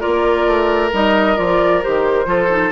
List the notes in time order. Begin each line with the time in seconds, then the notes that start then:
0.00 F4 A#4 D5
0.06 A#3
0.47 A3
0.93 G3 D#4 D#5
1.36 F3 F4 D5
1.82 D#3 G4 C5
2.26 F3 F4 A4
2.50 D#4